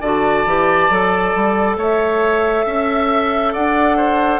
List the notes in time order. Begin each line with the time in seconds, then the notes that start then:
0.00 D3 F#4 D5 A5
0.45 E3 G4
0.90 F#3 A4
1.35 G3
1.76 A3 C#5 E5
2.66 C#4 E5
3.53 D4 D5 F#5
3.97 C5